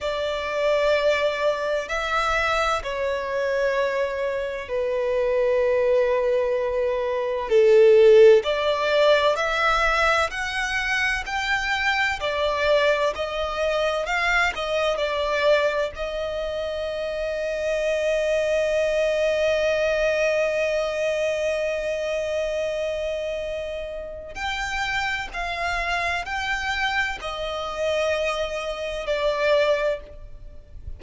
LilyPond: \new Staff \with { instrumentName = "violin" } { \time 4/4 \tempo 4 = 64 d''2 e''4 cis''4~ | cis''4 b'2. | a'4 d''4 e''4 fis''4 | g''4 d''4 dis''4 f''8 dis''8 |
d''4 dis''2.~ | dis''1~ | dis''2 g''4 f''4 | g''4 dis''2 d''4 | }